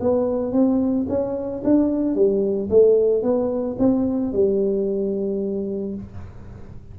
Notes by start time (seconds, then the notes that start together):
0.00 B3
0.52 C4
1.08 C#4
1.63 D4
2.14 G3
2.69 A3
3.22 B3
3.78 C4
4.32 G3